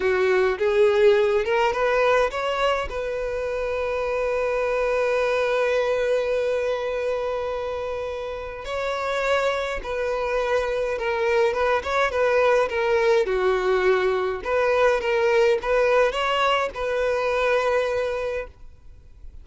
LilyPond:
\new Staff \with { instrumentName = "violin" } { \time 4/4 \tempo 4 = 104 fis'4 gis'4. ais'8 b'4 | cis''4 b'2.~ | b'1~ | b'2. cis''4~ |
cis''4 b'2 ais'4 | b'8 cis''8 b'4 ais'4 fis'4~ | fis'4 b'4 ais'4 b'4 | cis''4 b'2. | }